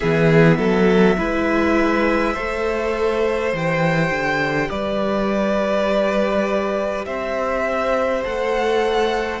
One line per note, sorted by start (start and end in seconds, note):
0.00 0.58 E3
0.00 1.18 B3
0.00 0.57 G#4
0.00 3.52 E5
0.57 1.16 F#3
0.57 1.16 A4
1.18 2.36 G#3
1.18 2.36 E4
1.18 2.33 B4
2.33 3.52 A3
2.33 3.53 A4
2.33 4.68 C5
3.52 4.10 E3
3.52 8.23 G4
3.52 4.69 G5
4.10 4.69 D3
4.69 7.06 G3
4.69 7.05 B4
4.69 7.04 D5
7.05 8.24 C4
7.05 9.40 C5
7.05 8.23 E5
8.23 9.40 A3
8.23 9.40 A4
8.23 9.40 F#5